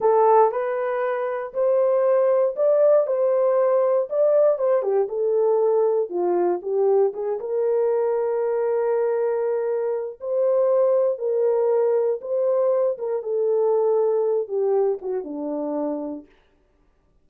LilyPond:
\new Staff \with { instrumentName = "horn" } { \time 4/4 \tempo 4 = 118 a'4 b'2 c''4~ | c''4 d''4 c''2 | d''4 c''8 g'8 a'2 | f'4 g'4 gis'8 ais'4.~ |
ais'1 | c''2 ais'2 | c''4. ais'8 a'2~ | a'8 g'4 fis'8 d'2 | }